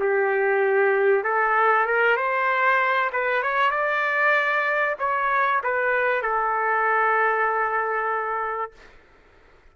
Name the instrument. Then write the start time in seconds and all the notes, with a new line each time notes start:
trumpet
0.00 G4
1.24 A4
1.86 A#4
2.16 C5
3.12 B4
3.42 C#5
3.70 D5
4.99 C#5
5.63 B4
6.22 A4